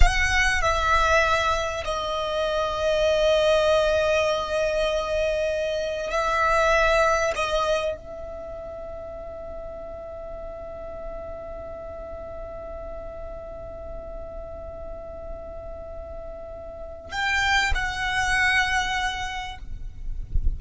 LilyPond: \new Staff \with { instrumentName = "violin" } { \time 4/4 \tempo 4 = 98 fis''4 e''2 dis''4~ | dis''1~ | dis''2 e''2 | dis''4 e''2.~ |
e''1~ | e''1~ | e''1 | g''4 fis''2. | }